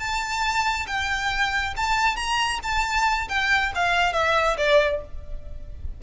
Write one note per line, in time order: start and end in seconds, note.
0.00 0.87 A5
0.88 1.75 G5
1.77 2.17 A5
2.17 2.60 A#5
2.64 3.29 A5
3.29 3.73 G5
3.75 4.13 F5
4.13 4.57 E5
4.58 5.01 D5